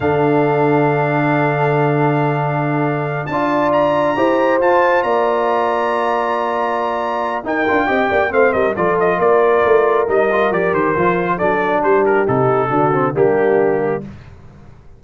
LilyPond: <<
  \new Staff \with { instrumentName = "trumpet" } { \time 4/4 \tempo 4 = 137 f''1~ | f''2.~ f''8 a''8~ | a''8 ais''2 a''4 ais''8~ | ais''1~ |
ais''4 g''2 f''8 dis''8 | d''8 dis''8 d''2 dis''4 | d''8 c''4. d''4 c''8 ais'8 | a'2 g'2 | }
  \new Staff \with { instrumentName = "horn" } { \time 4/4 a'1~ | a'2.~ a'8 d''8~ | d''4. c''2 d''8~ | d''1~ |
d''4 ais'4 dis''8 d''8 c''8 ais'8 | a'4 ais'2.~ | ais'2 a'4 g'4~ | g'4 fis'4 d'2 | }
  \new Staff \with { instrumentName = "trombone" } { \time 4/4 d'1~ | d'2.~ d'8 f'8~ | f'4. g'4 f'4.~ | f'1~ |
f'4 dis'8 f'8 g'4 c'4 | f'2. dis'8 f'8 | g'4 f'4 d'2 | dis'4 d'8 c'8 ais2 | }
  \new Staff \with { instrumentName = "tuba" } { \time 4/4 d1~ | d2.~ d8 d'8~ | d'4. e'4 f'4 ais8~ | ais1~ |
ais4 dis'8 d'8 c'8 ais8 a8 g8 | f4 ais4 a4 g4 | f8 dis8 f4 fis4 g4 | c4 d4 g2 | }
>>